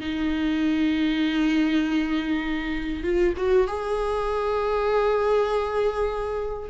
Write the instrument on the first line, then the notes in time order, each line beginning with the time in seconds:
viola
0.00 D#4
3.03 F4
3.37 F#4
3.67 G#4